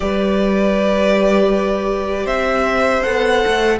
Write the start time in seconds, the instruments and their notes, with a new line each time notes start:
0.00 cello G3, viola G4, violin B4 D5
2.24 cello C4, violin C5 E5
3.02 cello B3, viola A4, violin F#5
3.46 cello A3